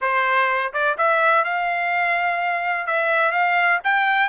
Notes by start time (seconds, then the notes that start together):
0.01 C5
0.73 D5
0.97 E5
1.44 F5
2.87 E5
3.31 F5
3.84 G5